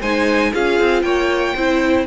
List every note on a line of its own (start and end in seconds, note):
0.00 0.52 G#3
0.00 0.53 D#4
0.00 0.51 C5
0.00 0.52 G#5
0.52 0.80 C#4
0.52 1.55 F4
0.52 1.03 G#4
0.52 1.02 F5
0.80 1.02 C4
1.02 1.53 A#3
1.02 1.55 C#5
1.02 2.04 G5
1.55 2.06 C4
1.55 2.06 E4
1.55 2.06 C5